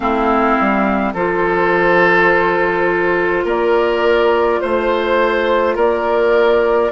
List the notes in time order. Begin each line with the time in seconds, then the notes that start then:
0.00 A3 C4 E4 F5
0.60 G3
1.13 F3 F4 A4 C5
3.44 A#3 A#4 D5
4.60 A3 C5
5.75 A#3 A#4 D5